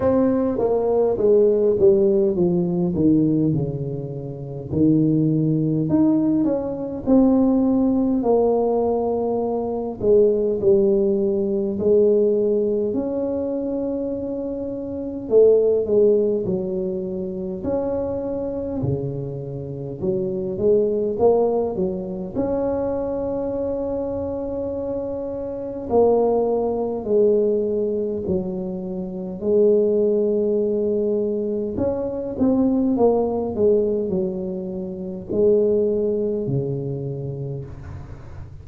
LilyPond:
\new Staff \with { instrumentName = "tuba" } { \time 4/4 \tempo 4 = 51 c'8 ais8 gis8 g8 f8 dis8 cis4 | dis4 dis'8 cis'8 c'4 ais4~ | ais8 gis8 g4 gis4 cis'4~ | cis'4 a8 gis8 fis4 cis'4 |
cis4 fis8 gis8 ais8 fis8 cis'4~ | cis'2 ais4 gis4 | fis4 gis2 cis'8 c'8 | ais8 gis8 fis4 gis4 cis4 | }